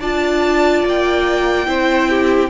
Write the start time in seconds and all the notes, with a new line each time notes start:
0.00 D4 F4 D5 A5
0.85 A#3 G5
1.66 C4 E4 C5
2.09 G4